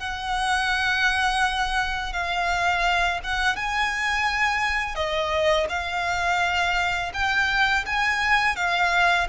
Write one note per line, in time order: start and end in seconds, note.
0.00 2.13 F#5
2.13 3.20 F5
3.24 3.56 F#5
3.56 4.95 G#5
4.95 5.67 D#5
5.69 7.12 F5
7.14 7.85 G5
7.86 8.56 G#5
8.56 9.28 F5